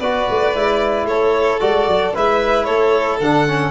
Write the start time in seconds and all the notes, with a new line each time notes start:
0.00 B3 F#4 B4 D5
0.30 A3
0.55 G#3 E4
1.05 A3 A4 C#5
1.60 G#3 F#4 D5
1.88 F#3
2.15 G#3 E4 B4 E5
2.65 A3 A4 C#5
3.20 D3 D4 F#5
3.47 C#4